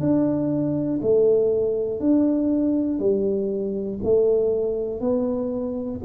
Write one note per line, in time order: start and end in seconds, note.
0.00 1.00 D4
1.02 2.00 A3
2.00 3.00 D4
3.00 4.00 G3
4.04 5.00 A3
5.00 6.00 B3